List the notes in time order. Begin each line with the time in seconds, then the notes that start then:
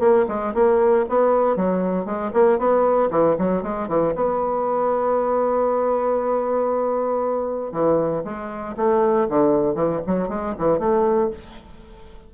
0.00 A#3
0.28 G#3
0.54 A#3
1.09 B3
1.56 F#3
2.06 G#3
2.34 A#3
2.59 B3
3.11 E3
3.38 F#3
3.63 G#3
3.88 E3
4.15 B3
7.72 E3
8.24 G#3
8.77 A3
9.29 D3
9.75 E3
10.07 F#3
10.29 G#3
10.59 E3
10.79 A3